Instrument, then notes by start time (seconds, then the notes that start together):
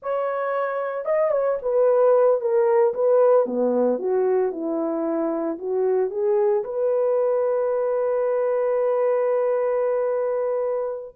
horn
0.02 C#5
1.05 D#5
1.31 C#5
1.62 B4
2.40 A#4
2.94 B4
3.46 B3
3.98 F#4
4.51 E4
5.58 F#4
6.10 G#4
6.63 B4